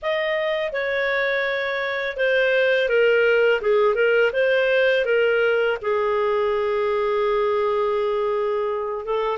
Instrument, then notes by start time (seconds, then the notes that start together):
clarinet
0.02 D#5
0.72 C#5
2.17 C5
2.88 A#4
3.61 G#4
3.95 A#4
4.32 C5
5.05 A#4
5.81 G#4
9.05 A4